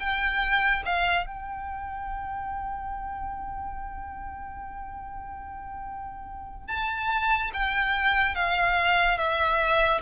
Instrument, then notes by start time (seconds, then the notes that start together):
violin
0.00 G5
0.85 F5
1.27 G5
6.68 A5
7.53 G5
8.35 F5
9.18 E5